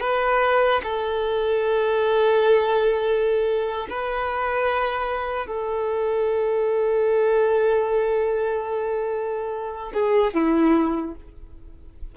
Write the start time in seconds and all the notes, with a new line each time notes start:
0.00 B4
0.83 A4
3.90 B4
5.46 A4
9.93 G#4
10.33 E4